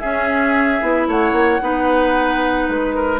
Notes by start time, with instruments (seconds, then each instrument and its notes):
0.00 clarinet C#4, bassoon C#4, oboe G#4, flute E5
0.82 bassoon B3, clarinet E4
1.08 bassoon A3, oboe C#5, flute F#5
1.33 bassoon A#3
1.61 bassoon B3, clarinet D#4, oboe B4
2.69 bassoon G#3, flute B4
2.96 oboe A#4